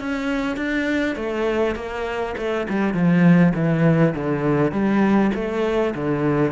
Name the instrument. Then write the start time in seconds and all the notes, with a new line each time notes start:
cello
0.00 C#4
0.56 D4
1.16 A3
1.76 A#3
2.38 A3
2.69 G3
2.94 F3
3.55 E3
4.15 D3
4.72 G3
5.35 A3
5.95 D3